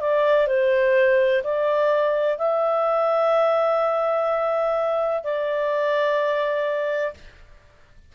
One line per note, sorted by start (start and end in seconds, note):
0.00 0.48 D5
0.48 1.43 C5
1.44 2.38 D5
2.38 5.24 E5
5.24 7.14 D5